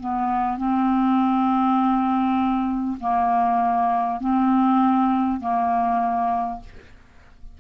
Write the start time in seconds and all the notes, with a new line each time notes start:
0.00 B3
0.57 C4
3.01 A#3
4.20 C4
5.40 A#3